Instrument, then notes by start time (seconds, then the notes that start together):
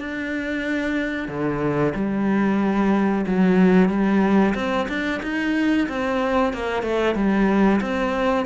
cello
0.00 D4
1.29 D3
1.95 G3
3.27 F#3
3.89 G3
4.55 C4
4.89 D4
5.23 D#4
5.89 C4
6.54 A#3
6.83 A3
7.15 G3
7.81 C4